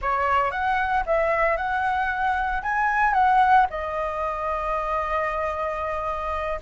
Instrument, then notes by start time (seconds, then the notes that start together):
flute
0.01 C#5
0.51 F#5
1.06 E5
1.56 F#5
2.62 G#5
3.13 F#5
3.70 D#5